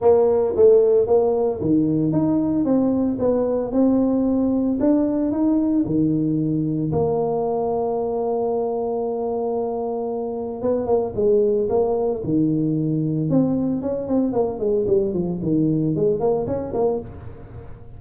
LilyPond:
\new Staff \with { instrumentName = "tuba" } { \time 4/4 \tempo 4 = 113 ais4 a4 ais4 dis4 | dis'4 c'4 b4 c'4~ | c'4 d'4 dis'4 dis4~ | dis4 ais2.~ |
ais1 | b8 ais8 gis4 ais4 dis4~ | dis4 c'4 cis'8 c'8 ais8 gis8 | g8 f8 dis4 gis8 ais8 cis'8 ais8 | }